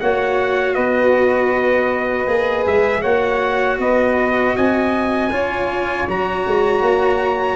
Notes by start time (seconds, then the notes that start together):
0.00 A#3 F#4 C#5 F#5
0.74 B3 B4 D#5
2.27 A#3 G#4
2.66 G#3 E5
3.01 A#3 F#4 C#5 F#5
3.78 B3 B4 D#5
4.55 C4 D#5 G#5
5.30 C#4 F4 C#5
6.07 F#3 F#4 A#5
6.46 G#3
6.81 A#3